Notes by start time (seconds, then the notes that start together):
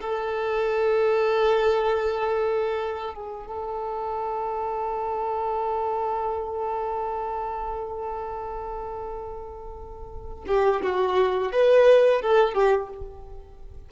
0.00 A4
3.14 G#4
3.47 A4
10.47 G4
10.82 F#4
11.52 B4
12.21 A4
12.54 G4